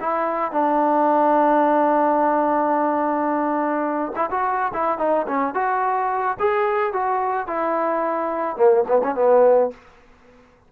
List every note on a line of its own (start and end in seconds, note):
0.00 0.52 E4
0.52 4.13 D4
4.15 4.29 E4
4.30 4.72 F#4
4.73 4.98 E4
4.98 5.26 D#4
5.27 5.54 C#4
5.54 6.37 F#4
6.39 6.93 G#4
6.93 7.47 F#4
7.47 8.56 E4
8.56 8.84 A#3
8.87 9.01 B3
9.03 9.15 C#4
9.15 9.70 B3